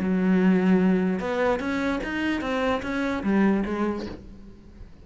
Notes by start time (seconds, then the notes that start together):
0.00 F#3
1.20 B3
1.60 C#4
2.04 D#4
2.42 C4
2.83 C#4
3.24 G3
3.66 G#3